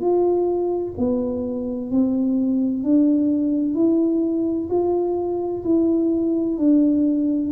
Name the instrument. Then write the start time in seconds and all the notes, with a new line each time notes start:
tuba
0.00 F4
0.97 B3
1.90 C4
2.83 D4
3.74 E4
4.70 F4
5.64 E4
6.58 D4